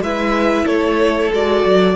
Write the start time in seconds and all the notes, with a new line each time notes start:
0.00 G#3 E4 B4 E5
0.65 A3 A4 C#5
1.32 G#3 F#4 D5
1.65 F#3